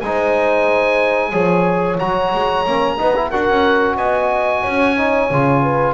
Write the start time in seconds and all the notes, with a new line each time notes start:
0.00 G#3 D#4 C5 G#5
1.31 F3 G#4 C#5
1.99 F#3 F#4 A#5
2.34 G#3
2.66 A#3 C#4
2.98 B3 D#4 B4
3.16 E4
3.30 D4 F#4 A#4 F#5
3.49 C#4
3.96 B3 D#5 G#5
4.62 C#4 C#5
4.97 D#4
5.30 C#3 F4
5.62 B4